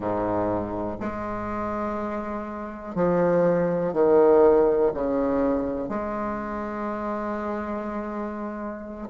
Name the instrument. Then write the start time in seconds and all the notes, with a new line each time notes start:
bassoon
0.00 G#2
1.00 G#3
2.95 F3
3.93 D#3
4.94 C#3
5.88 G#3